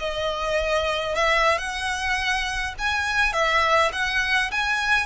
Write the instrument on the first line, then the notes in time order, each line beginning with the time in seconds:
violin
0.00 D#5
1.16 E5
1.58 F#5
2.79 G#5
3.33 E5
3.93 F#5
4.52 G#5